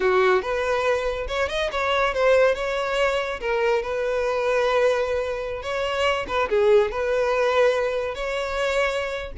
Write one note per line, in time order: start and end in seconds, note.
0.00 0.42 F#4
0.42 1.27 B4
1.27 1.48 C#5
1.49 1.70 D#5
1.71 2.14 C#5
2.14 2.55 C5
2.55 3.40 C#5
3.40 3.82 A#4
3.82 5.62 B4
5.62 6.26 C#5
6.27 6.49 B4
6.49 6.91 G#4
6.91 8.15 B4
8.15 9.32 C#5